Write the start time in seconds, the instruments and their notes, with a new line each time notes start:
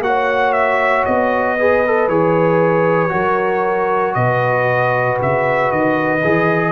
0.00 tuba A#3, trombone F#4, trumpet F#5
0.06 horn C#5
0.53 trumpet E5
1.05 tuba B3, trumpet D#5
1.58 trombone G#4, horn B4
1.86 trombone A4
2.08 tuba E3, trombone G#4, trumpet C#5
3.09 tuba F#3, trombone F#4, horn A#4
4.14 tuba B2, horn B4, trumpet D#5
5.22 tuba C#3, trumpet E5
5.71 tuba D#3, trumpet D#5
6.24 tuba E3, trombone G#4